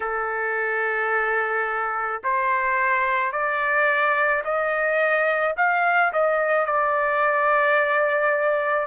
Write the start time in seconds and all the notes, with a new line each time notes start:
0.00 A4
2.23 C5
3.31 D5
4.44 D#5
5.56 F5
6.13 D#5
6.66 D5